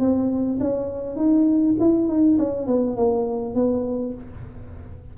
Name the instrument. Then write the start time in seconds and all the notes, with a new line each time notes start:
tuba
0.00 C4
0.61 C#4
1.16 D#4
1.80 E4
2.08 D#4
2.39 C#4
2.67 B3
2.97 A#3
3.55 B3